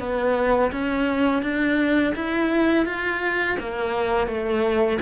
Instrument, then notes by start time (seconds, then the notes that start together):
cello
0.00 B3
0.72 C#4
1.43 D4
2.15 E4
2.86 F4
3.60 A#3
4.27 A3